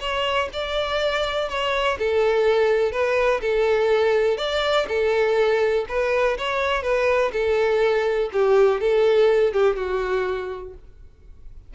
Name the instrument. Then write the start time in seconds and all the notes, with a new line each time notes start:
violin
0.00 C#5
0.53 D5
1.49 C#5
1.99 A4
2.92 B4
3.41 A4
4.37 D5
4.88 A4
5.88 B4
6.38 C#5
6.82 B4
7.32 A4
8.33 G4
8.80 A4
9.53 G4
9.76 F#4